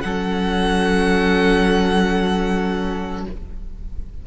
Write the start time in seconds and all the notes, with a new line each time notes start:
0.00 F#3 C#4 A4 F#5